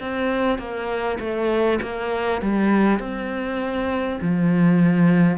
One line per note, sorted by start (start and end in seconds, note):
0.00 0.58 C4
0.58 1.18 A#3
1.19 1.79 A3
1.82 2.41 A#3
2.41 2.99 G3
2.99 4.19 C4
4.21 5.37 F3